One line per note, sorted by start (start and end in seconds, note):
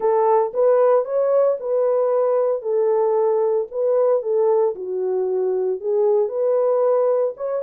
0.00 0.52 A4
0.53 1.04 B4
1.04 1.57 C#5
1.59 2.61 B4
2.61 3.67 A4
3.71 4.22 B4
4.22 4.74 A4
4.75 5.80 F#4
5.80 6.28 G#4
6.28 7.33 B4
7.37 7.62 C#5